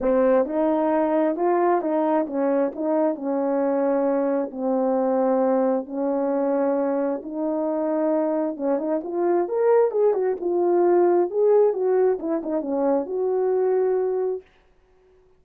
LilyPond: \new Staff \with { instrumentName = "horn" } { \time 4/4 \tempo 4 = 133 c'4 dis'2 f'4 | dis'4 cis'4 dis'4 cis'4~ | cis'2 c'2~ | c'4 cis'2. |
dis'2. cis'8 dis'8 | f'4 ais'4 gis'8 fis'8 f'4~ | f'4 gis'4 fis'4 e'8 dis'8 | cis'4 fis'2. | }